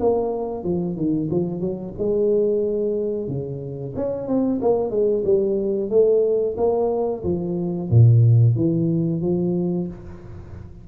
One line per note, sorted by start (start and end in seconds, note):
0.00 0.64 A#3
0.64 0.97 F3
0.97 1.29 D#3
1.31 1.61 F3
1.61 1.94 F#3
1.98 3.28 G#3
3.28 3.94 C#3
3.96 4.28 C#4
4.28 4.61 C4
4.62 4.91 A#3
4.91 5.24 G#3
5.25 5.90 G3
5.90 6.56 A3
6.57 7.23 A#3
7.24 7.90 F3
7.90 8.56 A#2
8.56 9.22 E3
9.22 9.88 F3